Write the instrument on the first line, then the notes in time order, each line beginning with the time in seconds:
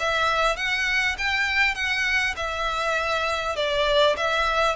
violin
0.00 E5
0.57 F#5
1.18 G5
1.75 F#5
2.37 E5
3.56 D5
4.17 E5